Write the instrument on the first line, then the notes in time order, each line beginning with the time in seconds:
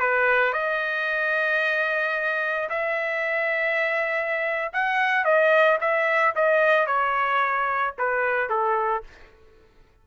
trumpet
0.00 B4
0.53 D#5
2.70 E5
4.73 F#5
5.25 D#5
5.81 E5
6.36 D#5
6.87 C#5
7.99 B4
8.50 A4